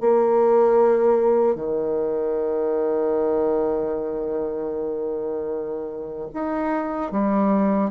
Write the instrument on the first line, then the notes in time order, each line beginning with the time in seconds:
bassoon
0.00 A#3
1.55 D#3
6.33 D#4
7.11 G3